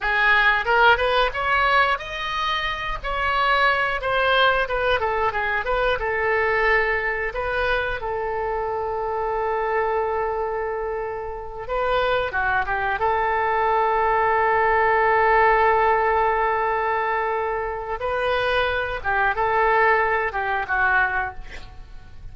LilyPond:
\new Staff \with { instrumentName = "oboe" } { \time 4/4 \tempo 4 = 90 gis'4 ais'8 b'8 cis''4 dis''4~ | dis''8 cis''4. c''4 b'8 a'8 | gis'8 b'8 a'2 b'4 | a'1~ |
a'4. b'4 fis'8 g'8 a'8~ | a'1~ | a'2. b'4~ | b'8 g'8 a'4. g'8 fis'4 | }